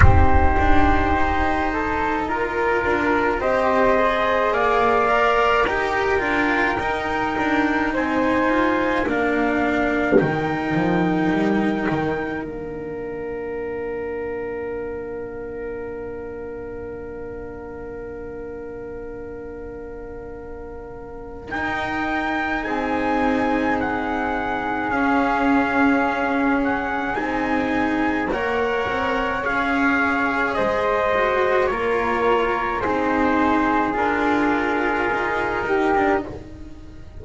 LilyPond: <<
  \new Staff \with { instrumentName = "trumpet" } { \time 4/4 \tempo 4 = 53 c''2 ais'4 dis''4 | f''4 g''2 gis''4 | f''4 g''2 f''4~ | f''1~ |
f''2. g''4 | gis''4 fis''4 f''4. fis''8 | gis''4 fis''4 f''4 dis''4 | cis''4 c''4 ais'2 | }
  \new Staff \with { instrumentName = "flute" } { \time 4/4 g'4. a'8 ais'4 c''4 | d''4 ais'2 c''4 | ais'1~ | ais'1~ |
ais'1 | gis'1~ | gis'4 cis''2 c''4 | ais'4 gis'2~ gis'8 g'8 | }
  \new Staff \with { instrumentName = "cello" } { \time 4/4 dis'2 f'4 g'8 gis'8~ | gis'8 ais'8 g'8 f'8 dis'2 | d'4 dis'2 d'4~ | d'1~ |
d'2. dis'4~ | dis'2 cis'2 | dis'4 ais'4 gis'4. fis'8 | f'4 dis'4 f'4. dis'16 d'16 | }
  \new Staff \with { instrumentName = "double bass" } { \time 4/4 c'8 d'8 dis'4. d'8 c'4 | ais4 dis'8 d'8 dis'8 d'8 c'8 f'8 | ais4 dis8 f8 g8 dis8 ais4~ | ais1~ |
ais2. dis'4 | c'2 cis'2 | c'4 ais8 c'8 cis'4 gis4 | ais4 c'4 d'4 dis'4 | }
>>